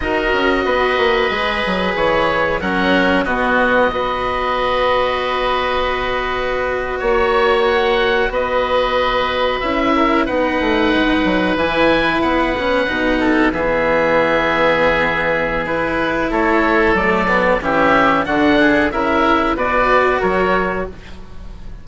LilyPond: <<
  \new Staff \with { instrumentName = "oboe" } { \time 4/4 \tempo 4 = 92 dis''2. cis''4 | fis''4 dis''2.~ | dis''2~ dis''8. cis''4 fis''16~ | fis''8. dis''2 e''4 fis''16~ |
fis''4.~ fis''16 gis''4 fis''4~ fis''16~ | fis''8. e''2.~ e''16 | b'4 cis''4 d''4 e''4 | fis''4 e''4 d''4 cis''4 | }
  \new Staff \with { instrumentName = "oboe" } { \time 4/4 ais'4 b'2. | ais'4 fis'4 b'2~ | b'2~ b'8. cis''4~ cis''16~ | cis''8. b'2~ b'8 ais'8 b'16~ |
b'1~ | b'16 a'8 gis'2.~ gis'16~ | gis'4 a'2 g'4 | fis'8 gis'8 ais'4 b'4 ais'4 | }
  \new Staff \with { instrumentName = "cello" } { \time 4/4 fis'2 gis'2 | cis'4 b4 fis'2~ | fis'1~ | fis'2~ fis'8. e'4 dis'16~ |
dis'4.~ dis'16 e'4. cis'8 dis'16~ | dis'8. b2.~ b16 | e'2 a8 b8 cis'4 | d'4 e'4 fis'2 | }
  \new Staff \with { instrumentName = "bassoon" } { \time 4/4 dis'8 cis'8 b8 ais8 gis8 fis8 e4 | fis4 b,4 b2~ | b2~ b8. ais4~ ais16~ | ais8. b2 cis'4 b16~ |
b16 a8 gis8 fis8 e4 b4 b,16~ | b,8. e2.~ e16~ | e4 a4 fis4 e4 | d4 cis4 b,4 fis4 | }
>>